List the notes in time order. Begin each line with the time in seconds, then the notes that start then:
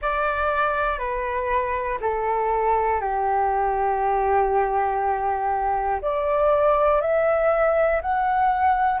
0.01 D5
0.98 B4
2.00 A4
3.00 G4
6.01 D5
7.01 E5
8.01 F#5